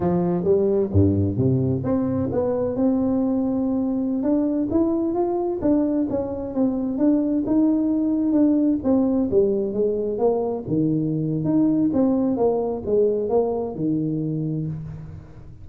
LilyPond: \new Staff \with { instrumentName = "tuba" } { \time 4/4 \tempo 4 = 131 f4 g4 g,4 c4 | c'4 b4 c'2~ | c'4~ c'16 d'4 e'4 f'8.~ | f'16 d'4 cis'4 c'4 d'8.~ |
d'16 dis'2 d'4 c'8.~ | c'16 g4 gis4 ais4 dis8.~ | dis4 dis'4 c'4 ais4 | gis4 ais4 dis2 | }